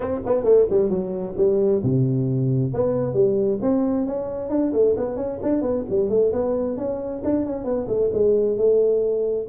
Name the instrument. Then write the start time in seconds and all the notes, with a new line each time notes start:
tuba
0.00 C4
0.25 B3
0.44 A3
0.70 G3
0.89 F#3
1.37 G3
1.83 C3
2.73 B3
3.13 G3
3.61 C4
4.06 C#4
4.49 D4
4.72 A3
4.96 B3
5.16 C#4
5.42 D4
5.61 B3
5.89 G3
6.09 A3
6.32 B3
6.77 C#4
7.24 D4
7.45 C#4
7.64 B3
7.88 A3
8.13 G#3
8.57 A3